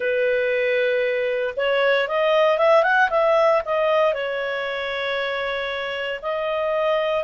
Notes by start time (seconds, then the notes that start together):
0.00 B4
1.56 C#5
2.08 D#5
2.58 E5
2.83 F#5
3.10 E5
3.65 D#5
4.13 C#5
6.22 D#5